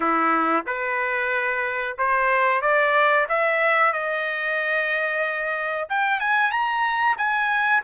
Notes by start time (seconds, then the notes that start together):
0.00 E4
0.66 B4
1.97 C5
2.61 D5
3.28 E5
3.92 D#5
5.89 G5
6.20 G#5
6.51 A#5
7.17 G#5